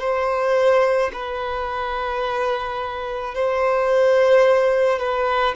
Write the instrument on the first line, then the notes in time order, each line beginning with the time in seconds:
violin
0.00 C5
1.13 B4
3.34 C5
4.99 B4